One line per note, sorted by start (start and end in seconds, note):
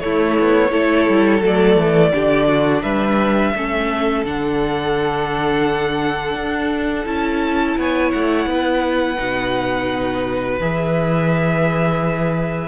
0.00 0.71 A3
0.00 0.38 A3
0.00 0.71 E4
0.00 1.41 C#5
0.40 0.73 B3
0.71 1.09 A3
0.71 1.41 E4
0.71 2.12 A4
1.09 1.42 G3
1.42 1.76 F#3
1.42 2.13 A3
1.42 2.83 D5
1.76 2.12 E3
2.14 2.84 D3
2.14 3.55 D4
2.14 2.48 G4
2.48 2.83 F#4
2.83 3.54 G3
2.83 3.53 B4
2.83 4.24 E5
3.55 4.24 A3
3.55 4.25 C#4
3.55 7.79 A4
4.24 6.35 D3
4.24 7.06 D4
4.24 7.07 F#5
6.35 7.05 D4
7.06 7.77 C#4
7.06 9.17 E4
7.06 7.77 A5
7.77 8.13 B3
7.77 8.50 C#5
7.77 8.12 G#5
8.12 8.46 A3
8.12 10.59 F#5
8.46 9.17 B3
8.46 12.69 B4
9.17 10.60 B2
9.17 10.58 D#4
10.60 12.69 E3
10.60 12.69 G#4
10.60 12.69 E5